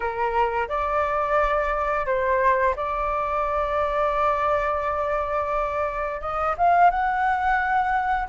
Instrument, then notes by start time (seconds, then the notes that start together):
flute
0.00 A#4
0.68 D5
2.05 C5
2.76 D5
6.21 D#5
6.57 F5
6.90 F#5